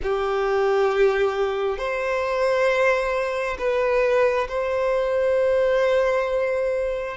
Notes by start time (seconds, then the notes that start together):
0.02 G4
1.77 C5
3.58 B4
4.48 C5